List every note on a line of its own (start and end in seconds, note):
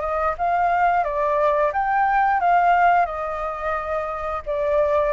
0.00 0.34 D#5
0.38 1.04 F5
1.04 1.72 D5
1.72 2.40 G5
2.40 3.05 F5
3.05 4.42 D#5
4.46 5.13 D5